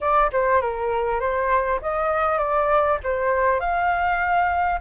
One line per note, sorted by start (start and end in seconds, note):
0.00 0.30 D5
0.32 0.61 C5
0.61 1.20 A#4
1.20 1.80 C5
1.81 2.38 D#5
2.38 2.98 D5
3.03 3.59 C5
3.59 4.79 F5